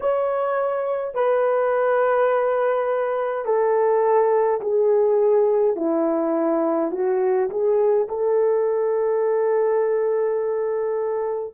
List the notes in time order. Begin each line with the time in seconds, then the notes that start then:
0.00 C#5
1.14 B4
3.45 A4
4.60 G#4
5.76 E4
6.91 F#4
7.49 G#4
8.08 A4